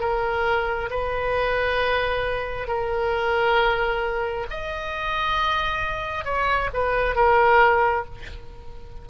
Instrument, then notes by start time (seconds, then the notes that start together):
oboe
0.00 A#4
0.90 B4
2.67 A#4
4.50 D#5
6.25 C#5
6.73 B4
7.15 A#4